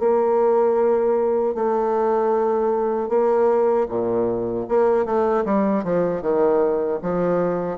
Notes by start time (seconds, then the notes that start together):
0.00 A#3
1.55 A3
3.10 A#3
3.89 A#2
4.69 A#3
5.06 A3
5.45 G3
5.84 F3
6.22 D#3
7.03 F3